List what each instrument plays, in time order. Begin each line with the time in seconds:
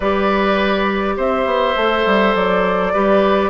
0.00 bassoon G3, clarinet G4, oboe B4, flute D5
1.17 bassoon C4, oboe C5, flute E5
1.45 bassoon B3
1.75 bassoon A3, clarinet A4
2.06 bassoon G3
2.35 bassoon F#3, flute D5
2.93 bassoon G3, clarinet G4, oboe B4